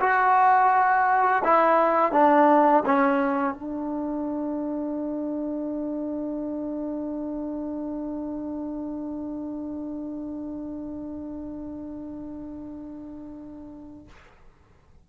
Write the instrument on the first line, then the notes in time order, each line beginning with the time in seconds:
trombone
0.00 F#4
1.44 E4
2.12 D4
2.86 C#4
3.54 D4